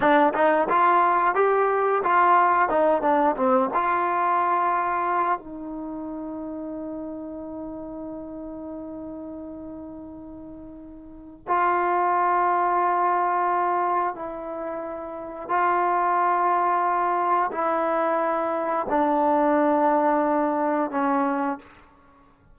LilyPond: \new Staff \with { instrumentName = "trombone" } { \time 4/4 \tempo 4 = 89 d'8 dis'8 f'4 g'4 f'4 | dis'8 d'8 c'8 f'2~ f'8 | dis'1~ | dis'1~ |
dis'4 f'2.~ | f'4 e'2 f'4~ | f'2 e'2 | d'2. cis'4 | }